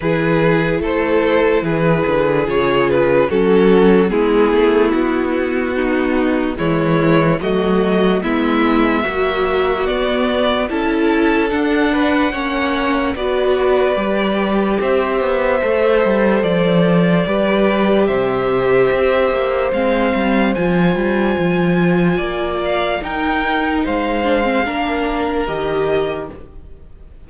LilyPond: <<
  \new Staff \with { instrumentName = "violin" } { \time 4/4 \tempo 4 = 73 b'4 c''4 b'4 cis''8 b'8 | a'4 gis'4 fis'2 | cis''4 dis''4 e''2 | d''4 a''4 fis''2 |
d''2 e''2 | d''2 e''2 | f''4 gis''2~ gis''8 f''8 | g''4 f''2 dis''4 | }
  \new Staff \with { instrumentName = "violin" } { \time 4/4 gis'4 a'4 gis'2 | fis'4 e'2 dis'4 | e'4 fis'4 e'4 fis'4~ | fis'4 a'4. b'8 cis''4 |
b'2 c''2~ | c''4 b'4 c''2~ | c''2. d''4 | ais'4 c''4 ais'2 | }
  \new Staff \with { instrumentName = "viola" } { \time 4/4 e'2. f'4 | cis'4 b2. | gis4 a4 b4 fis4 | b4 e'4 d'4 cis'4 |
fis'4 g'2 a'4~ | a'4 g'2. | c'4 f'2. | dis'4. d'16 c'16 d'4 g'4 | }
  \new Staff \with { instrumentName = "cello" } { \time 4/4 e4 a4 e8 d8 cis4 | fis4 gis8 a8 b2 | e4 fis4 gis4 ais4 | b4 cis'4 d'4 ais4 |
b4 g4 c'8 b8 a8 g8 | f4 g4 c4 c'8 ais8 | gis8 g8 f8 g8 f4 ais4 | dis'4 gis4 ais4 dis4 | }
>>